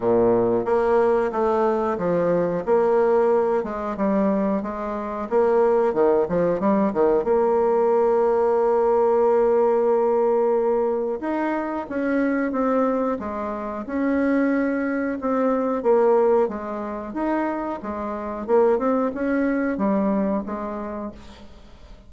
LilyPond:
\new Staff \with { instrumentName = "bassoon" } { \time 4/4 \tempo 4 = 91 ais,4 ais4 a4 f4 | ais4. gis8 g4 gis4 | ais4 dis8 f8 g8 dis8 ais4~ | ais1~ |
ais4 dis'4 cis'4 c'4 | gis4 cis'2 c'4 | ais4 gis4 dis'4 gis4 | ais8 c'8 cis'4 g4 gis4 | }